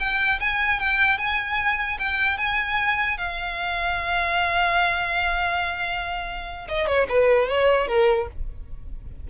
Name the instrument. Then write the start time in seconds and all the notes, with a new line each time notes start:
violin
0.00 G5
0.40 G#5
0.80 G5
1.19 G#5
1.99 G5
2.38 G#5
3.18 F5
6.69 D#5
6.87 C#5
7.09 B4
7.49 C#5
7.88 A#4